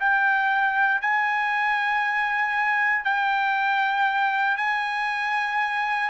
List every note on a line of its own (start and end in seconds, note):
0.00 1.01 G5
1.01 3.05 G#5
3.05 4.57 G5
4.57 6.10 G#5